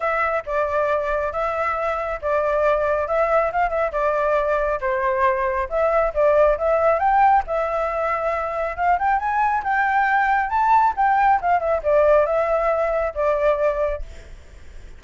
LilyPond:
\new Staff \with { instrumentName = "flute" } { \time 4/4 \tempo 4 = 137 e''4 d''2 e''4~ | e''4 d''2 e''4 | f''8 e''8 d''2 c''4~ | c''4 e''4 d''4 e''4 |
g''4 e''2. | f''8 g''8 gis''4 g''2 | a''4 g''4 f''8 e''8 d''4 | e''2 d''2 | }